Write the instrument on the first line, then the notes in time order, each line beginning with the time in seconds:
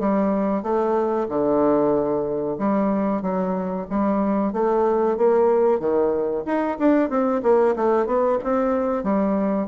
bassoon
0.00 G3
0.63 A3
1.29 D3
2.59 G3
3.22 F#3
3.90 G3
4.53 A3
5.18 A#3
5.80 D#3
6.46 D#4
6.79 D4
7.10 C4
7.43 A#3
7.76 A3
8.07 B3
8.44 C4
9.04 G3